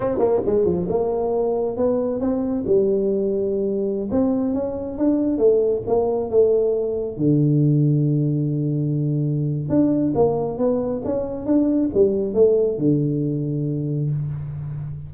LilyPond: \new Staff \with { instrumentName = "tuba" } { \time 4/4 \tempo 4 = 136 c'8 ais8 gis8 f8 ais2 | b4 c'4 g2~ | g4~ g16 c'4 cis'4 d'8.~ | d'16 a4 ais4 a4.~ a16~ |
a16 d2.~ d8.~ | d2 d'4 ais4 | b4 cis'4 d'4 g4 | a4 d2. | }